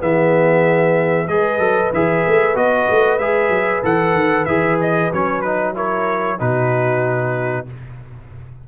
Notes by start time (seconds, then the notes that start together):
0.00 E3 B3 G#4 E5
1.28 G#3 G#4 B4 D#5
1.59 F#3 A4
1.93 E3 G#4 E5
2.28 A3
2.55 B3 F#4 D#5
2.89 A3
3.19 G#3 G#4 E5
3.49 F#3
3.83 E3 A4 F#5
4.14 D#3
4.45 E3 G#4 E5
4.81 D#5
5.13 F#3 C#4 C#5
5.41 D#4 B4
5.75 E4 A#4 C#5
6.38 B2 D#4 F#4 B4